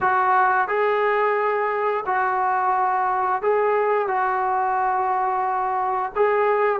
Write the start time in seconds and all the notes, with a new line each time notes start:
0.00 F#4
0.68 G#4
2.05 F#4
3.42 G#4
4.07 F#4
6.15 G#4